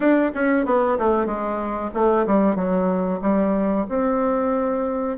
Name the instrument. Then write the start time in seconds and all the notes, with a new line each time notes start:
bassoon
0.00 D4
0.34 C#4
0.65 B3
0.98 A3
1.26 G#3
1.94 A3
2.26 G3
2.55 F#3
3.21 G3
3.88 C4